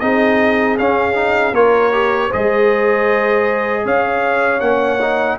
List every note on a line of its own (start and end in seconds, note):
0.00 0.78 C4
0.00 0.79 D#4
0.00 1.55 G#4
0.00 0.77 D#5
0.78 1.15 C#4
0.78 1.52 C#4
0.78 1.55 F5
1.15 1.53 D#4
1.52 2.29 A#3
1.52 1.92 F4
1.52 2.27 A#4
1.52 2.32 C#5
1.92 2.31 G4
2.27 4.61 G#4
2.27 3.81 C5
2.27 3.86 D#5
2.34 3.85 G#3
3.84 4.61 C#4
3.84 5.38 C#5
3.84 4.60 F5
4.60 5.38 A#3
4.60 5.00 C#4
4.60 5.37 F#5
5.01 5.39 D#4